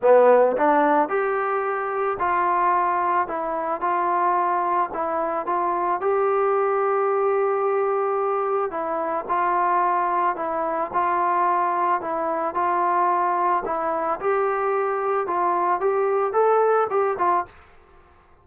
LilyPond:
\new Staff \with { instrumentName = "trombone" } { \time 4/4 \tempo 4 = 110 b4 d'4 g'2 | f'2 e'4 f'4~ | f'4 e'4 f'4 g'4~ | g'1 |
e'4 f'2 e'4 | f'2 e'4 f'4~ | f'4 e'4 g'2 | f'4 g'4 a'4 g'8 f'8 | }